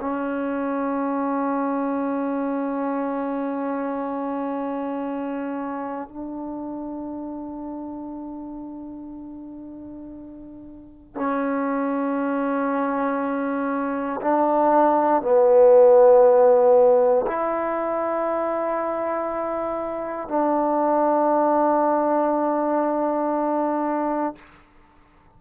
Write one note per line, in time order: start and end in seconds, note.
0.00 6.08 C#4
6.08 11.15 D4
11.15 14.20 C#4
14.21 15.22 D4
15.22 17.25 B3
17.27 20.28 E4
20.28 24.35 D4